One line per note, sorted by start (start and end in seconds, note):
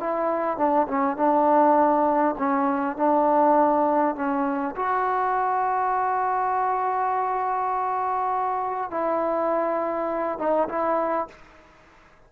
0.00 0.58 E4
0.58 0.87 D4
0.88 1.17 C#4
1.17 2.35 D4
2.38 2.97 C#4
2.97 4.16 D4
4.16 4.75 C#4
4.76 8.91 F#4
8.91 10.39 E4
10.39 10.68 D#4
10.68 11.28 E4